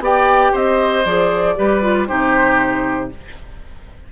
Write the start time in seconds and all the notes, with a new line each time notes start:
0.00 B3 G4 D5 G5
0.53 C4 C5 D#5
1.05 F3 G#4 D5
1.57 G3 G4 B4
1.82 F4
2.07 C3 D#4 G4 C5